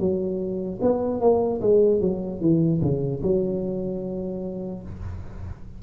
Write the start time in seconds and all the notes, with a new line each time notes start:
0.00 F#3
0.82 B3
1.21 A#3
1.61 G#3
2.01 F#3
2.41 E3
2.82 C#3
3.23 F#3